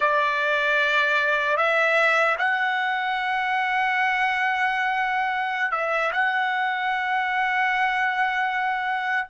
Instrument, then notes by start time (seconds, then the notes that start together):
trumpet
0.00 D5
1.56 E5
2.38 F#5
5.71 E5
6.11 F#5